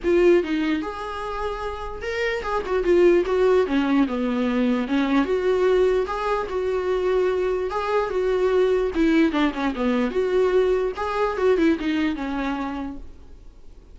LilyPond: \new Staff \with { instrumentName = "viola" } { \time 4/4 \tempo 4 = 148 f'4 dis'4 gis'2~ | gis'4 ais'4 gis'8 fis'8 f'4 | fis'4 cis'4 b2 | cis'4 fis'2 gis'4 |
fis'2. gis'4 | fis'2 e'4 d'8 cis'8 | b4 fis'2 gis'4 | fis'8 e'8 dis'4 cis'2 | }